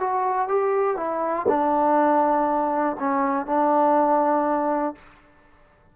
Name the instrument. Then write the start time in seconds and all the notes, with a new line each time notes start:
trombone
0.00 F#4
0.48 G4
0.96 E4
1.48 D4
2.99 C#4
3.46 D4